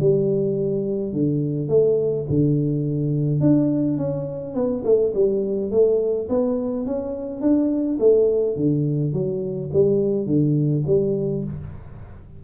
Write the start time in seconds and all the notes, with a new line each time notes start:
0.00 G3
1.12 D3
1.69 A3
2.30 D3
3.41 D4
3.98 C#4
4.55 B3
4.85 A3
5.14 G3
5.71 A3
6.29 B3
6.86 C#4
7.41 D4
7.99 A3
8.56 D3
9.13 F#3
9.73 G3
10.26 D3
10.86 G3